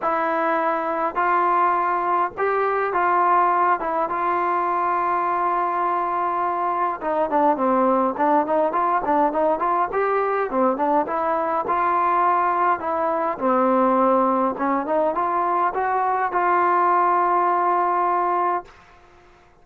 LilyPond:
\new Staff \with { instrumentName = "trombone" } { \time 4/4 \tempo 4 = 103 e'2 f'2 | g'4 f'4. e'8 f'4~ | f'1 | dis'8 d'8 c'4 d'8 dis'8 f'8 d'8 |
dis'8 f'8 g'4 c'8 d'8 e'4 | f'2 e'4 c'4~ | c'4 cis'8 dis'8 f'4 fis'4 | f'1 | }